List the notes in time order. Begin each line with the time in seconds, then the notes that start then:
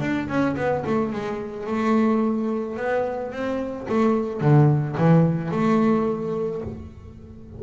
0.00 D4
0.28 C#4
0.56 B3
0.86 A3
1.12 G#3
1.66 A3
2.76 B3
3.32 C4
3.88 A3
4.41 D3
4.97 E3
5.51 A3